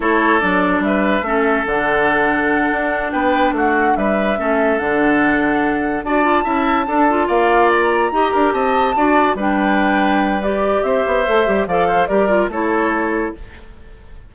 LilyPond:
<<
  \new Staff \with { instrumentName = "flute" } { \time 4/4 \tempo 4 = 144 cis''4 d''4 e''2 | fis''2.~ fis''8 g''8~ | g''8 fis''4 e''2 fis''8~ | fis''2~ fis''8 a''4.~ |
a''4. f''4 ais''4.~ | ais''8 a''2 g''4.~ | g''4 d''4 e''2 | f''4 d''4 cis''2 | }
  \new Staff \with { instrumentName = "oboe" } { \time 4/4 a'2 b'4 a'4~ | a'2.~ a'8 b'8~ | b'8 fis'4 b'4 a'4.~ | a'2~ a'8 d''4 e''8~ |
e''8 a'4 d''2 dis''8 | ais'8 dis''4 d''4 b'4.~ | b'2 c''2 | d''8 c''8 ais'4 a'2 | }
  \new Staff \with { instrumentName = "clarinet" } { \time 4/4 e'4 d'2 cis'4 | d'1~ | d'2~ d'8 cis'4 d'8~ | d'2~ d'8 fis'8 f'8 e'8~ |
e'8 d'8 f'2~ f'8 g'8~ | g'4. fis'4 d'4.~ | d'4 g'2 a'8 g'8 | a'4 g'8 f'8 e'2 | }
  \new Staff \with { instrumentName = "bassoon" } { \time 4/4 a4 fis4 g4 a4 | d2~ d8 d'4 b8~ | b8 a4 g4 a4 d8~ | d2~ d8 d'4 cis'8~ |
cis'8 d'4 ais2 dis'8 | d'8 c'4 d'4 g4.~ | g2 c'8 b8 a8 g8 | f4 g4 a2 | }
>>